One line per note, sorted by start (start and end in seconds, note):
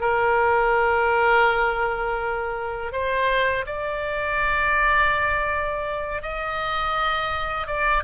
0.00 2.92 A#4
2.92 3.65 C5
3.66 6.22 D5
6.22 7.67 D#5
7.67 8.03 D5